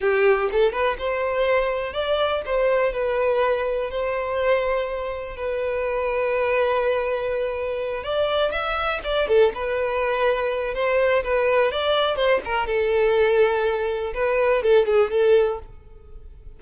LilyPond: \new Staff \with { instrumentName = "violin" } { \time 4/4 \tempo 4 = 123 g'4 a'8 b'8 c''2 | d''4 c''4 b'2 | c''2. b'4~ | b'1~ |
b'8 d''4 e''4 d''8 a'8 b'8~ | b'2 c''4 b'4 | d''4 c''8 ais'8 a'2~ | a'4 b'4 a'8 gis'8 a'4 | }